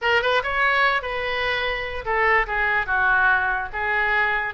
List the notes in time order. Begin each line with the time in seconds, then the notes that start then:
0.01 A#4
0.21 B4
0.43 C#5
1.02 B4
2.05 A4
2.47 G#4
2.86 F#4
3.72 G#4